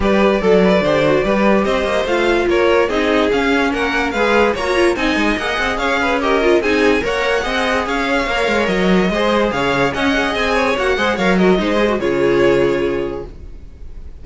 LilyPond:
<<
  \new Staff \with { instrumentName = "violin" } { \time 4/4 \tempo 4 = 145 d''1 | dis''4 f''4 cis''4 dis''4 | f''4 fis''4 f''4 ais''4 | gis''4 fis''4 f''4 dis''4 |
gis''4 fis''2 f''4~ | f''4 dis''2 f''4 | fis''4 gis''4 fis''4 f''8 dis''8~ | dis''4 cis''2. | }
  \new Staff \with { instrumentName = "violin" } { \time 4/4 b'4 a'8 b'8 c''4 b'4 | c''2 ais'4 gis'4~ | gis'4 ais'4 b'4 cis''4 | dis''2 cis''8 b'8 ais'4 |
gis'4 cis''4 dis''4 cis''4~ | cis''2 c''4 cis''4 | dis''4. cis''4 c''8 cis''8 ais'8 | c''4 gis'2. | }
  \new Staff \with { instrumentName = "viola" } { \time 4/4 g'4 a'4 g'8 fis'8 g'4~ | g'4 f'2 dis'4 | cis'2 gis'4 fis'8 f'8 | dis'4 gis'2 g'8 f'8 |
dis'4 ais'4 gis'2 | ais'2 gis'2 | cis'8 gis'4. fis'8 gis'8 ais'8 fis'8 | dis'8 gis'16 fis'16 f'2. | }
  \new Staff \with { instrumentName = "cello" } { \time 4/4 g4 fis4 d4 g4 | c'8 ais8 a4 ais4 c'4 | cis'4 ais4 gis4 ais4 | c'8 gis8 ais8 c'8 cis'2 |
c'4 ais4 c'4 cis'4 | ais8 gis8 fis4 gis4 cis4 | cis'4 c'4 ais8 gis8 fis4 | gis4 cis2. | }
>>